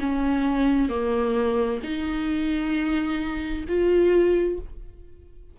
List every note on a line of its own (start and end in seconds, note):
0.00 0.90 C#4
0.90 1.81 A#3
1.83 3.65 D#4
3.68 4.59 F4